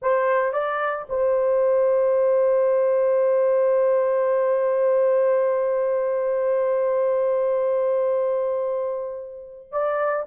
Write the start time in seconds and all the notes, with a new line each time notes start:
0.01 C5
0.53 D5
1.09 C5
9.71 D5